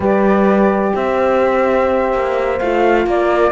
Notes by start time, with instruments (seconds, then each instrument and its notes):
0.00 cello G3, horn G4 B4, flute D5
0.94 cello C4, horn C5, flute E5
2.13 cello A#3
2.59 cello A3, horn F4, flute F5
3.06 cello A#3, horn A#4, flute D5